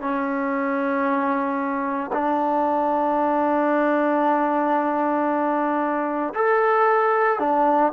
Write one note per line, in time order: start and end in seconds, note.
0.00 2.11 C#4
2.12 6.33 D4
6.34 7.39 A4
7.39 7.91 D4